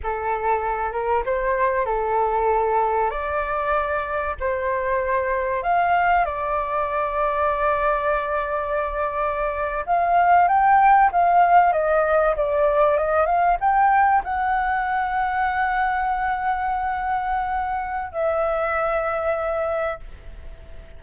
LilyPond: \new Staff \with { instrumentName = "flute" } { \time 4/4 \tempo 4 = 96 a'4. ais'8 c''4 a'4~ | a'4 d''2 c''4~ | c''4 f''4 d''2~ | d''2.~ d''8. f''16~ |
f''8. g''4 f''4 dis''4 d''16~ | d''8. dis''8 f''8 g''4 fis''4~ fis''16~ | fis''1~ | fis''4 e''2. | }